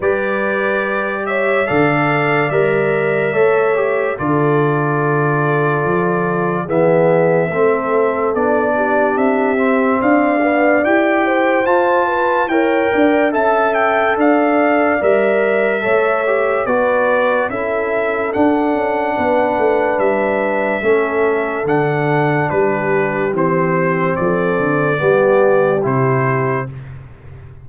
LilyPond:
<<
  \new Staff \with { instrumentName = "trumpet" } { \time 4/4 \tempo 4 = 72 d''4. e''8 f''4 e''4~ | e''4 d''2. | e''2 d''4 e''4 | f''4 g''4 a''4 g''4 |
a''8 g''8 f''4 e''2 | d''4 e''4 fis''2 | e''2 fis''4 b'4 | c''4 d''2 c''4 | }
  \new Staff \with { instrumentName = "horn" } { \time 4/4 b'4. cis''8 d''2 | cis''4 a'2. | gis'4 a'4. g'4. | d''4. c''4 b'8 cis''8 d''8 |
e''4 d''2 cis''4 | b'4 a'2 b'4~ | b'4 a'2 g'4~ | g'4 a'4 g'2 | }
  \new Staff \with { instrumentName = "trombone" } { \time 4/4 g'2 a'4 ais'4 | a'8 g'8 f'2. | b4 c'4 d'4. c'8~ | c'8 b8 g'4 f'4 ais'4 |
a'2 ais'4 a'8 g'8 | fis'4 e'4 d'2~ | d'4 cis'4 d'2 | c'2 b4 e'4 | }
  \new Staff \with { instrumentName = "tuba" } { \time 4/4 g2 d4 g4 | a4 d2 f4 | e4 a4 b4 c'4 | d'4 e'4 f'4 e'8 d'8 |
cis'4 d'4 g4 a4 | b4 cis'4 d'8 cis'8 b8 a8 | g4 a4 d4 g4 | e4 f8 d8 g4 c4 | }
>>